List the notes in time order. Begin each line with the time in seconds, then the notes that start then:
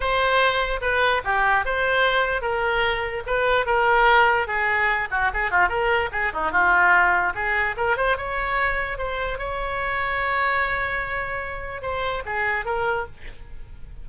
0.00 C5
0.81 B4
1.24 G4
1.65 C5
2.41 A#4
3.26 B4
3.66 A#4
4.47 G#4
5.10 F#4
5.33 G#4
5.50 F4
5.68 A#4
6.12 G#4
6.33 D#4
6.51 F4
7.34 G#4
7.76 A#4
7.97 C5
8.17 C#5
8.97 C5
9.38 C#5
11.82 C5
12.25 G#4
12.65 A#4